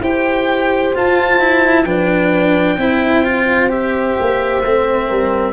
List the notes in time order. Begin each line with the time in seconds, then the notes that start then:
0.00 E4 G4 C5 G5
0.95 F4 A5
1.40 E4
1.85 F3 D4 B4 G5
2.77 C4 E4 C5
3.24 F4
3.69 G4 E5
4.20 A#3
4.65 A3 C4
5.08 G3 A#4